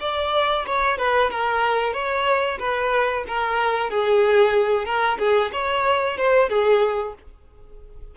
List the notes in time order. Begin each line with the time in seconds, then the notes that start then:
0.00 D5
0.66 C#5
0.98 B4
1.30 A#4
1.93 C#5
2.59 B4
3.28 A#4
3.90 G#4
4.85 A#4
5.18 G#4
5.52 C#5
6.17 C5
6.49 G#4